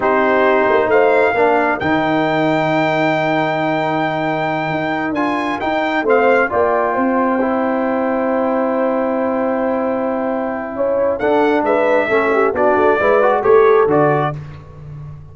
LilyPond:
<<
  \new Staff \with { instrumentName = "trumpet" } { \time 4/4 \tempo 4 = 134 c''2 f''2 | g''1~ | g''2.~ g''8 gis''8~ | gis''8 g''4 f''4 g''4.~ |
g''1~ | g''1~ | g''4 fis''4 e''2 | d''2 cis''4 d''4 | }
  \new Staff \with { instrumentName = "horn" } { \time 4/4 g'2 c''4 ais'4~ | ais'1~ | ais'1~ | ais'4. c''4 d''4 c''8~ |
c''1~ | c''1 | cis''4 a'4 b'4 a'8 g'8 | fis'4 b'4 a'2 | }
  \new Staff \with { instrumentName = "trombone" } { \time 4/4 dis'2. d'4 | dis'1~ | dis'2.~ dis'8 f'8~ | f'8 dis'4 c'4 f'4.~ |
f'8 e'2.~ e'8~ | e'1~ | e'4 d'2 cis'4 | d'4 e'8 fis'8 g'4 fis'4 | }
  \new Staff \with { instrumentName = "tuba" } { \time 4/4 c'4. ais8 a4 ais4 | dis1~ | dis2~ dis8 dis'4 d'8~ | d'8 dis'4 a4 ais4 c'8~ |
c'1~ | c'1 | cis'4 d'4 gis4 a4 | b8 a8 gis4 a4 d4 | }
>>